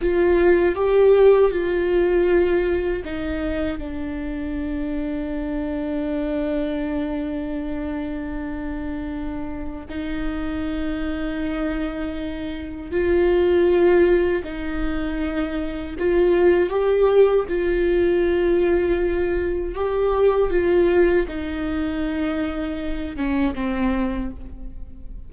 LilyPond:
\new Staff \with { instrumentName = "viola" } { \time 4/4 \tempo 4 = 79 f'4 g'4 f'2 | dis'4 d'2.~ | d'1~ | d'4 dis'2.~ |
dis'4 f'2 dis'4~ | dis'4 f'4 g'4 f'4~ | f'2 g'4 f'4 | dis'2~ dis'8 cis'8 c'4 | }